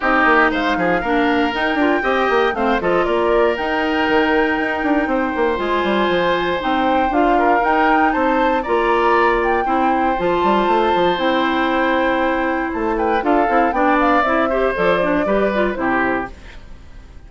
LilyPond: <<
  \new Staff \with { instrumentName = "flute" } { \time 4/4 \tempo 4 = 118 dis''4 f''2 g''4~ | g''4 f''8 dis''8 d''4 g''4~ | g''2. gis''4~ | gis''4 g''4 f''4 g''4 |
a''4 ais''4. g''4. | a''2 g''2~ | g''4 a''8 g''8 f''4 g''8 f''8 | e''4 d''2 c''4 | }
  \new Staff \with { instrumentName = "oboe" } { \time 4/4 g'4 c''8 gis'8 ais'2 | dis''4 c''8 a'8 ais'2~ | ais'2 c''2~ | c''2~ c''8 ais'4. |
c''4 d''2 c''4~ | c''1~ | c''4. b'8 a'4 d''4~ | d''8 c''4. b'4 g'4 | }
  \new Staff \with { instrumentName = "clarinet" } { \time 4/4 dis'2 d'4 dis'8 f'8 | g'4 c'8 f'4. dis'4~ | dis'2. f'4~ | f'4 dis'4 f'4 dis'4~ |
dis'4 f'2 e'4 | f'2 e'2~ | e'2 f'8 e'8 d'4 | e'8 g'8 a'8 d'8 g'8 f'8 e'4 | }
  \new Staff \with { instrumentName = "bassoon" } { \time 4/4 c'8 ais8 gis8 f8 ais4 dis'8 d'8 | c'8 ais8 a8 f8 ais4 dis'4 | dis4 dis'8 d'8 c'8 ais8 gis8 g8 | f4 c'4 d'4 dis'4 |
c'4 ais2 c'4 | f8 g8 a8 f8 c'2~ | c'4 a4 d'8 c'8 b4 | c'4 f4 g4 c4 | }
>>